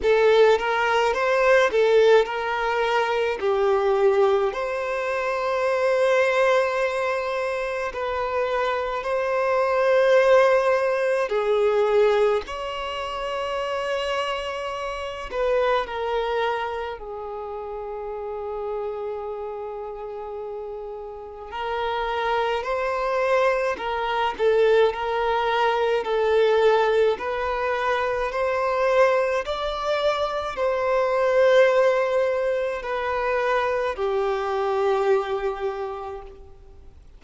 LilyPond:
\new Staff \with { instrumentName = "violin" } { \time 4/4 \tempo 4 = 53 a'8 ais'8 c''8 a'8 ais'4 g'4 | c''2. b'4 | c''2 gis'4 cis''4~ | cis''4. b'8 ais'4 gis'4~ |
gis'2. ais'4 | c''4 ais'8 a'8 ais'4 a'4 | b'4 c''4 d''4 c''4~ | c''4 b'4 g'2 | }